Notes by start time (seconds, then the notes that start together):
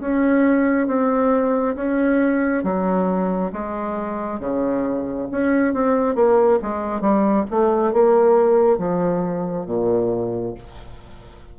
0.00 C#4
0.87 C4
1.76 C#4
2.64 F#3
3.53 G#3
4.40 C#3
5.31 C#4
5.74 C4
6.15 A#3
6.62 G#3
7.01 G3
7.50 A3
7.93 A#3
8.78 F3
9.66 A#2